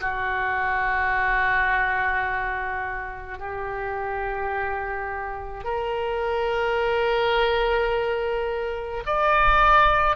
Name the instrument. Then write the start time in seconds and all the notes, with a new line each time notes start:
oboe
0.00 F#4
3.38 G4
5.63 A#4
9.06 D5